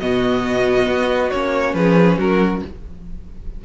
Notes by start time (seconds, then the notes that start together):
0.00 B2 B3 F#4 D#5
0.87 B3
1.31 A#3 C#4 C#5
1.74 F3 G#4 B4
2.18 F#3 F#4 A#4